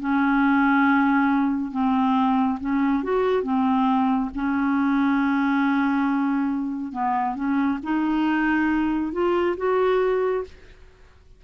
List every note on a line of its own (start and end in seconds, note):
0.00 1.72 C#4
1.72 2.58 C4
2.60 3.03 C#4
3.03 3.43 F#4
3.43 4.30 C4
4.34 6.92 C#4
6.92 7.35 B3
7.35 7.79 C#4
7.83 9.12 D#4
9.12 9.56 F4
9.57 10.44 F#4